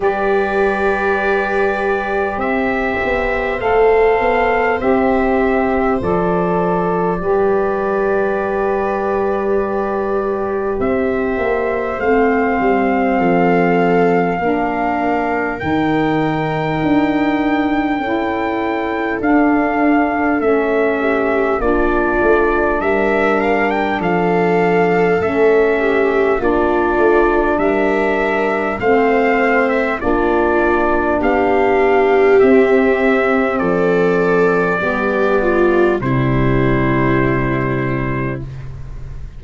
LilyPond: <<
  \new Staff \with { instrumentName = "trumpet" } { \time 4/4 \tempo 4 = 50 d''2 e''4 f''4 | e''4 d''2.~ | d''4 e''4 f''2~ | f''4 g''2. |
f''4 e''4 d''4 e''8 f''16 g''16 | f''4 e''4 d''4 e''4 | f''8. e''16 d''4 f''4 e''4 | d''2 c''2 | }
  \new Staff \with { instrumentName = "viola" } { \time 4/4 b'2 c''2~ | c''2 b'2~ | b'4 c''2 a'4 | ais'2. a'4~ |
a'4. g'8 f'4 ais'4 | a'4. g'8 f'4 ais'4 | c''4 f'4 g'2 | a'4 g'8 f'8 e'2 | }
  \new Staff \with { instrumentName = "saxophone" } { \time 4/4 g'2. a'4 | g'4 a'4 g'2~ | g'2 c'2 | d'4 dis'2 e'4 |
d'4 cis'4 d'2~ | d'4 cis'4 d'2 | c'4 d'2 c'4~ | c'4 b4 g2 | }
  \new Staff \with { instrumentName = "tuba" } { \time 4/4 g2 c'8 b8 a8 b8 | c'4 f4 g2~ | g4 c'8 ais8 a8 g8 f4 | ais4 dis4 d'4 cis'4 |
d'4 a4 ais8 a8 g4 | f4 a4 ais8 a8 g4 | a4 ais4 b4 c'4 | f4 g4 c2 | }
>>